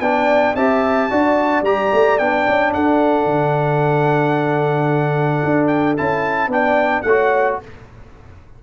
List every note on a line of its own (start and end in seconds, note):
0.00 0.54 B3
0.00 0.56 D4
0.00 0.56 D5
0.00 0.54 G5
0.55 1.09 C4
0.55 1.10 G4
0.55 1.10 E5
0.55 1.63 A5
1.10 1.61 D4
1.10 1.64 F#4
1.10 2.72 D5
1.61 1.88 G3
1.61 2.19 G4
1.61 2.18 A#5
1.92 2.19 A3
2.18 2.46 B3
2.18 5.97 D4
2.18 2.72 G5
2.47 2.74 C#4
2.73 3.25 D4
2.73 6.51 A4
2.73 5.67 F#5
3.25 5.41 D3
5.43 5.97 D4
5.67 5.94 G5
5.97 6.47 C#4
5.97 6.50 E4
5.97 6.51 A5
6.47 7.01 B3
6.47 7.04 D4
6.47 7.05 D5
6.47 7.01 G5
7.01 7.58 A3
7.01 7.59 C#5
7.01 7.55 F#5
7.08 7.62 F#4